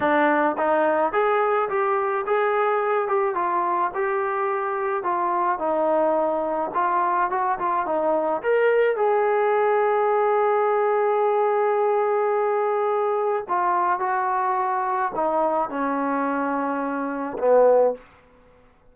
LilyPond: \new Staff \with { instrumentName = "trombone" } { \time 4/4 \tempo 4 = 107 d'4 dis'4 gis'4 g'4 | gis'4. g'8 f'4 g'4~ | g'4 f'4 dis'2 | f'4 fis'8 f'8 dis'4 ais'4 |
gis'1~ | gis'1 | f'4 fis'2 dis'4 | cis'2. b4 | }